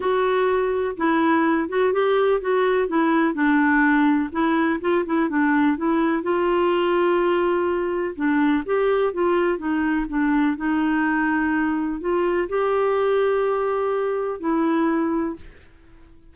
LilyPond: \new Staff \with { instrumentName = "clarinet" } { \time 4/4 \tempo 4 = 125 fis'2 e'4. fis'8 | g'4 fis'4 e'4 d'4~ | d'4 e'4 f'8 e'8 d'4 | e'4 f'2.~ |
f'4 d'4 g'4 f'4 | dis'4 d'4 dis'2~ | dis'4 f'4 g'2~ | g'2 e'2 | }